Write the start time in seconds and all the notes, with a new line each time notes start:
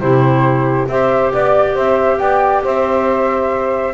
0.00 C3 E4 G4 C5
0.88 C4 G4 C5 E5
1.33 B3 D5
1.74 C4 C5 E5
2.19 B3 D5 G5
2.63 C4 C5 E5